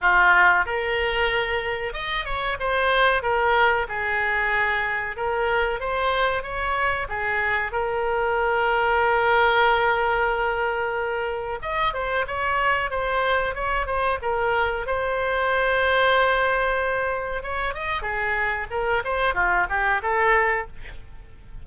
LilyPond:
\new Staff \with { instrumentName = "oboe" } { \time 4/4 \tempo 4 = 93 f'4 ais'2 dis''8 cis''8 | c''4 ais'4 gis'2 | ais'4 c''4 cis''4 gis'4 | ais'1~ |
ais'2 dis''8 c''8 cis''4 | c''4 cis''8 c''8 ais'4 c''4~ | c''2. cis''8 dis''8 | gis'4 ais'8 c''8 f'8 g'8 a'4 | }